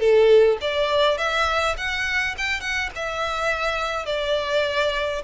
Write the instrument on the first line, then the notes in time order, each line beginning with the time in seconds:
violin
0.00 A4
0.61 D5
1.18 E5
1.78 F#5
2.38 G5
2.61 F#5
2.96 E5
4.06 D5